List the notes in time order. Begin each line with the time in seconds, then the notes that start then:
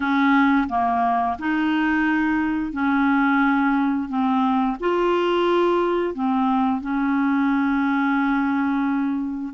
0.00 C#4
0.68 A#3
1.38 D#4
2.72 C#4
4.08 C4
4.80 F4
6.14 C4
6.81 C#4